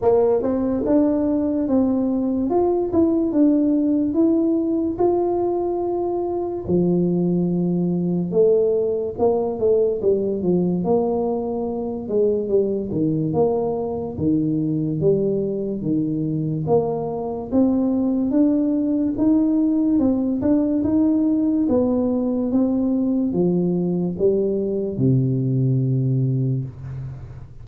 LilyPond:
\new Staff \with { instrumentName = "tuba" } { \time 4/4 \tempo 4 = 72 ais8 c'8 d'4 c'4 f'8 e'8 | d'4 e'4 f'2 | f2 a4 ais8 a8 | g8 f8 ais4. gis8 g8 dis8 |
ais4 dis4 g4 dis4 | ais4 c'4 d'4 dis'4 | c'8 d'8 dis'4 b4 c'4 | f4 g4 c2 | }